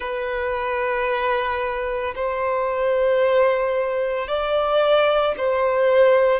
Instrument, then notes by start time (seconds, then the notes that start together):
violin
0.00 B4
2.15 C5
4.27 D5
5.37 C5